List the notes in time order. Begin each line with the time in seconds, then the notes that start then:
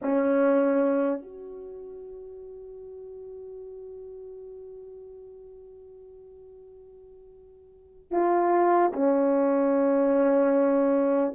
0.02 C#4
1.22 F#4
8.11 F4
8.92 C#4